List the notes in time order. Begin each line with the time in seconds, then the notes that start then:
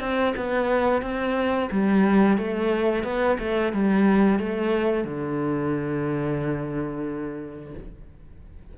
0.00 C4
0.36 B3
1.02 C4
1.71 G3
2.37 A3
3.04 B3
3.39 A3
3.73 G3
4.39 A3
5.04 D3